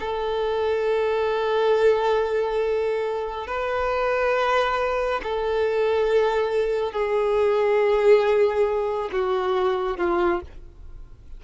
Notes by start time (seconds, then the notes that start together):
0.00 A4
3.47 B4
5.23 A4
6.92 G#4
9.12 F#4
9.98 F4